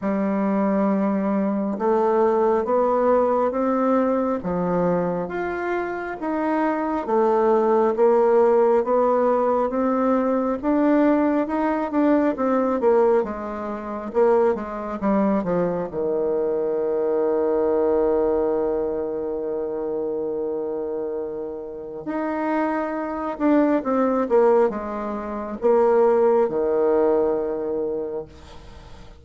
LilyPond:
\new Staff \with { instrumentName = "bassoon" } { \time 4/4 \tempo 4 = 68 g2 a4 b4 | c'4 f4 f'4 dis'4 | a4 ais4 b4 c'4 | d'4 dis'8 d'8 c'8 ais8 gis4 |
ais8 gis8 g8 f8 dis2~ | dis1~ | dis4 dis'4. d'8 c'8 ais8 | gis4 ais4 dis2 | }